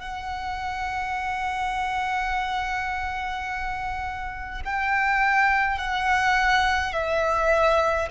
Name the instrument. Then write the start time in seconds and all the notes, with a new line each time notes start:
violin
0.00 F#5
4.65 G5
5.78 F#5
6.93 E5